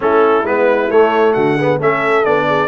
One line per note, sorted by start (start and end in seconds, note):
0.00 0.43 A3
0.00 0.44 C#4
0.00 1.33 E4
0.00 0.46 A4
0.43 0.88 G#3
0.43 0.90 B3
0.43 0.90 B4
0.90 1.35 A3
0.90 1.59 A3
0.90 1.33 C#5
1.33 1.78 D3
1.33 1.56 F#4
1.33 1.77 F#5
1.56 1.79 B3
1.56 1.78 G#4
1.78 2.23 A3
1.78 2.24 C#4
1.78 2.46 A4
1.78 2.24 E5
2.24 2.68 B3
2.24 2.68 D4
2.24 2.68 D5
2.47 2.68 G#4